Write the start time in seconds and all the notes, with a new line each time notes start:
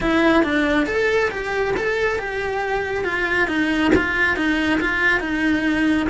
0.00 E4
0.43 D4
0.86 A4
1.30 G4
1.76 A4
2.18 G4
3.04 F4
3.47 D#4
3.95 F4
4.36 D#4
4.80 F4
5.20 D#4